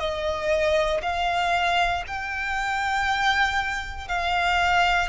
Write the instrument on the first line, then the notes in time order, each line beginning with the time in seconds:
violin
0.00 D#5
1.03 F5
2.08 G5
4.08 F5